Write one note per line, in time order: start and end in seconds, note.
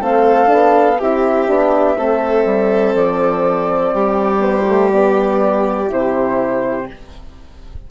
0.00 0.50 A3
0.00 0.46 C4
0.00 0.99 A4
0.00 0.99 F5
0.46 1.01 B3
0.46 0.95 D4
0.99 1.49 C4
0.99 1.48 E4
0.99 1.97 G4
0.99 2.95 E5
1.48 1.96 B3
1.48 1.96 D4
1.96 2.45 A3
1.96 4.39 C4
1.96 3.93 A4
2.45 2.94 G3
2.94 3.93 F3
2.94 4.41 D5
3.93 5.90 G3
3.93 6.88 G4
4.39 4.64 B3
4.39 4.90 C5
4.68 4.92 A3
4.92 5.88 B3
4.92 5.90 D5
5.88 6.89 C3
5.88 6.86 E4
5.88 6.90 C5